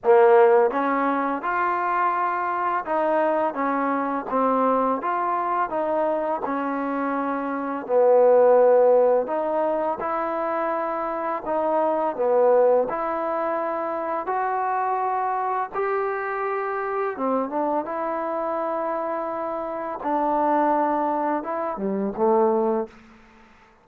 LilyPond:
\new Staff \with { instrumentName = "trombone" } { \time 4/4 \tempo 4 = 84 ais4 cis'4 f'2 | dis'4 cis'4 c'4 f'4 | dis'4 cis'2 b4~ | b4 dis'4 e'2 |
dis'4 b4 e'2 | fis'2 g'2 | c'8 d'8 e'2. | d'2 e'8 g8 a4 | }